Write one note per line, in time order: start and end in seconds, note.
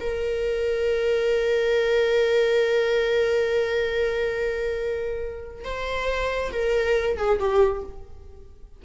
0.00 5.64 A#4
5.64 6.51 C5
6.52 7.17 A#4
7.17 7.39 G#4
7.39 7.83 G4